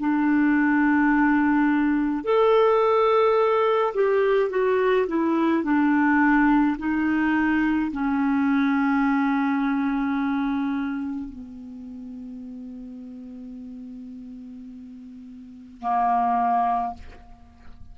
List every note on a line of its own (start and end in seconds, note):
0.00 2.25 D4
2.25 3.95 A4
3.95 4.50 G4
4.50 5.07 F#4
5.08 5.64 E4
5.64 6.77 D4
6.79 7.92 D#4
7.92 11.30 C#4
11.30 15.81 B3
15.81 16.95 A#3